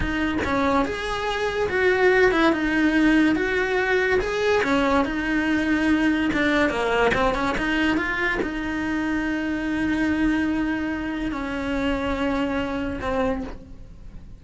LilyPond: \new Staff \with { instrumentName = "cello" } { \time 4/4 \tempo 4 = 143 dis'4 cis'4 gis'2 | fis'4. e'8 dis'2 | fis'2 gis'4 cis'4 | dis'2. d'4 |
ais4 c'8 cis'8 dis'4 f'4 | dis'1~ | dis'2. cis'4~ | cis'2. c'4 | }